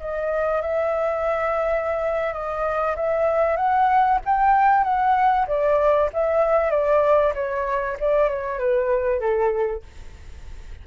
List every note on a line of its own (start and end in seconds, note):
0.00 0.61 D#5
0.61 2.33 E5
2.33 2.95 D#5
2.95 3.56 E5
3.56 4.18 F#5
4.25 4.84 G5
4.84 5.46 F#5
5.47 6.09 D5
6.13 6.70 E5
6.70 7.33 D5
7.34 7.97 C#5
8.00 8.28 D5
8.28 8.58 C#5
8.58 9.20 B4
9.20 9.82 A4